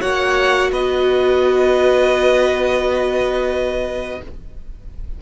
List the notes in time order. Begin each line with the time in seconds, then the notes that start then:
0.00 A#3 F#4 C#5 F#5
0.71 B3 B4 D#5